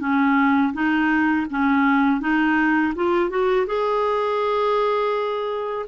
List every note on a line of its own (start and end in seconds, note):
0.00 0.73 C#4
0.74 1.47 D#4
1.50 2.21 C#4
2.21 2.94 D#4
2.96 3.30 F4
3.30 3.67 F#4
3.67 5.86 G#4